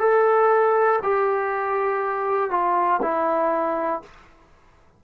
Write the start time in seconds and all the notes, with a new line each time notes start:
0.00 A4
1.03 G4
2.51 F4
3.02 E4